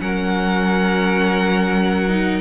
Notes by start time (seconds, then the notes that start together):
0.00 F#3 C#4 A#4 F#5
2.09 D#4